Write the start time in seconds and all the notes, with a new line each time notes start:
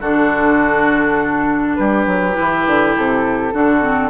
0.00 D3 D4 F#4 A4
1.75 G3 G4 B4
2.06 F#3
2.33 E4
2.39 E3
2.66 D3
2.95 C3 A4
3.53 D3 D4 F#4
3.81 C4